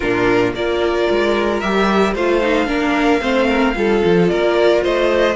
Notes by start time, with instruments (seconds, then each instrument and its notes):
0.00 cello A#2, viola D4, violin F4 A#4
0.53 cello A#3, viola F4, violin A#4 D5
1.10 cello G#3
1.60 cello G3, viola G4, violin E5
2.13 cello A3, viola F4, violin C5 F5
2.41 viola D#4
2.66 cello A#3, viola D4, violin A#4
3.20 cello A3, viola C4, violin C5
3.47 violin A#4
3.74 cello G3, viola F4, violin A4
4.04 cello F3
4.28 cello A#3, violin A#4 D5
4.83 cello A3, violin C5 D#5